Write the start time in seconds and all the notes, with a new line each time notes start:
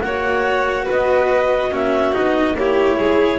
0.00 A#3 F#4 C#5 F#5
0.85 B3 B4
0.91 D#5
1.71 A#3 C#4 F#4 E5
2.12 B3 D#4 D#5
2.54 A#3 E4 G4 C#5
2.98 G#3 G#4